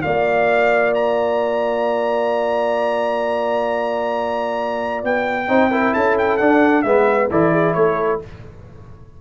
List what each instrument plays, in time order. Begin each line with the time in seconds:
0.00 tuba A#3, trombone F4, horn D5, trumpet F5
0.94 trumpet A#5
5.04 tuba B3, trumpet G5
5.48 tuba C4, trombone D#4, horn C5
5.71 trombone E4, horn A#4
5.94 tuba C#4, horn A4, trumpet A5
6.18 trumpet G5
6.37 trombone D4, tuba D4, trumpet F#5
6.82 tuba G#3, trombone B3, horn B4, trumpet E5
7.31 tuba E3, trombone E4, horn A4, trumpet D5
7.52 horn G#4
7.74 tuba A3, horn A4, trumpet C#5